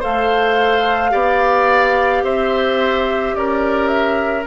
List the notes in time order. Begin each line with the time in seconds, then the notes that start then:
0.00 A3 A4 C5 F5
1.10 B3 G4 D5
2.23 C4 C5 E5
3.34 C#4 A#4 D5
3.88 E5